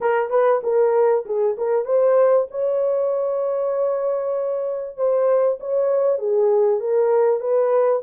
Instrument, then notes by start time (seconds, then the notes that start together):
horn
0.01 A#4
0.30 B4
0.63 A#4
1.25 G#4
1.57 A#4
1.85 C5
2.50 C#5
4.96 C5
5.60 C#5
6.18 G#4
6.80 A#4
7.40 B4